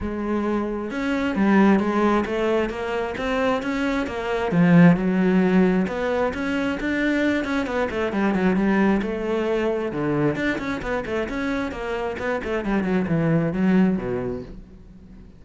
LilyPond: \new Staff \with { instrumentName = "cello" } { \time 4/4 \tempo 4 = 133 gis2 cis'4 g4 | gis4 a4 ais4 c'4 | cis'4 ais4 f4 fis4~ | fis4 b4 cis'4 d'4~ |
d'8 cis'8 b8 a8 g8 fis8 g4 | a2 d4 d'8 cis'8 | b8 a8 cis'4 ais4 b8 a8 | g8 fis8 e4 fis4 b,4 | }